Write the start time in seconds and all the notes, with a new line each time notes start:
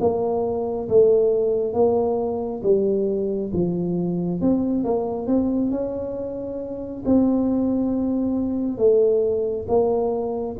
0.00 A#3
0.89 A3
1.74 A#3
2.63 G3
3.53 F3
4.41 C4
4.84 A#3
5.27 C4
5.71 C#4
7.05 C4
8.78 A3
9.68 A#3